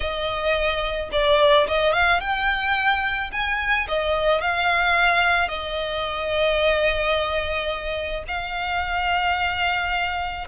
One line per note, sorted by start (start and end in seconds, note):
0.00 1.09 D#5
1.12 1.67 D5
1.67 1.92 D#5
1.92 2.20 F5
2.20 3.30 G5
3.32 3.87 G#5
3.88 4.41 D#5
4.41 5.48 F5
5.48 8.23 D#5
8.27 10.47 F5